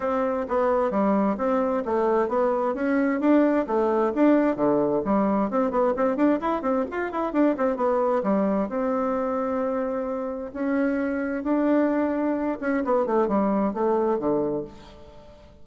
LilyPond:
\new Staff \with { instrumentName = "bassoon" } { \time 4/4 \tempo 4 = 131 c'4 b4 g4 c'4 | a4 b4 cis'4 d'4 | a4 d'4 d4 g4 | c'8 b8 c'8 d'8 e'8 c'8 f'8 e'8 |
d'8 c'8 b4 g4 c'4~ | c'2. cis'4~ | cis'4 d'2~ d'8 cis'8 | b8 a8 g4 a4 d4 | }